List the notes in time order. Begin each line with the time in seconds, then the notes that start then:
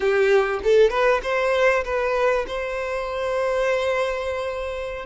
0.00 G4
0.63 A4
0.90 B4
1.22 C5
1.84 B4
2.47 C5